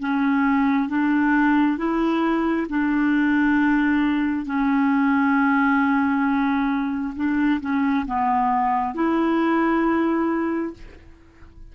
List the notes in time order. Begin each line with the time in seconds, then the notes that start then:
0.00 C#4
0.89 D4
1.77 E4
2.69 D4
4.46 C#4
7.16 D4
7.61 C#4
8.06 B3
8.95 E4